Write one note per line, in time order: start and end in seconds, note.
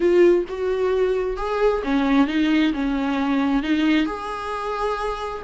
0.00 0.45 F4
0.48 1.37 F#4
1.37 1.82 G#4
1.83 2.27 C#4
2.27 2.72 D#4
2.73 3.63 C#4
3.63 4.06 D#4
4.06 5.42 G#4